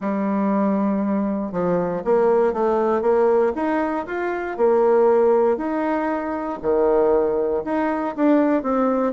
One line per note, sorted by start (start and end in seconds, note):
0.00 1.52 G3
1.52 2.02 F3
2.04 2.53 A#3
2.53 3.01 A3
3.01 3.52 A#3
3.55 4.05 D#4
4.06 4.57 F4
4.57 5.57 A#3
5.57 6.58 D#4
6.61 7.63 D#3
7.64 8.15 D#4
8.16 8.62 D4
8.62 9.12 C4